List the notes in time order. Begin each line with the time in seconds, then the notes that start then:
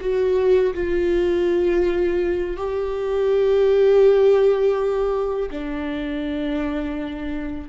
0.00 F#4
0.74 F4
2.56 G4
5.51 D4